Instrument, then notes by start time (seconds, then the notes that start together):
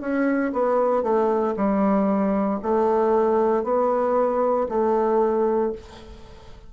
bassoon
0.00 C#4
0.52 B3
1.03 A3
1.56 G3
2.62 A3
3.63 B3
4.68 A3